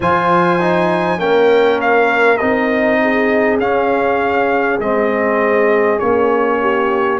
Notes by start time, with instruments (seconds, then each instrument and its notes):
0.00 tuba F3, trombone F4, horn C5, trumpet G#5
0.60 trombone D#4
1.18 tuba A#3, trombone C#4, horn A#4, trumpet G5
1.80 trumpet F5
2.37 tuba C4, trombone D#4, trumpet D#5
3.01 horn G#4
3.58 tuba C#4, trombone C#4, trumpet F5
4.79 tuba G#3, trombone C4, trumpet D#5
5.99 tuba A#3, trombone C#4, trumpet C#5
6.60 horn G4